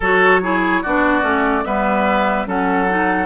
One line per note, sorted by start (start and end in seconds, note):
0.00 0.83 F#3
0.00 0.42 F#4
0.00 0.41 A4
0.00 0.83 C#5
0.42 0.84 E4
0.42 0.82 G#4
0.82 1.22 B3
0.82 1.21 D4
0.82 1.64 F#4
0.82 1.65 D5
1.21 1.63 A3
1.21 1.62 C#4
1.65 2.47 G3
1.65 2.46 B3
1.65 2.47 B4
1.65 2.47 E5
2.46 3.26 F#3
2.46 2.87 C#4
2.46 3.26 A4
2.46 3.26 F#5
2.89 3.26 D#4